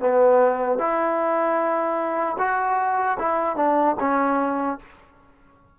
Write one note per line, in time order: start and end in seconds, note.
0.00 0.79 B3
0.79 2.36 E4
2.39 3.18 F#4
3.19 3.56 E4
3.56 3.96 D4
4.00 4.79 C#4